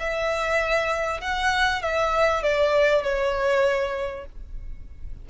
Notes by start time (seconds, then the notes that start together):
0.00 E5
1.21 F#5
1.83 E5
2.43 D5
3.04 C#5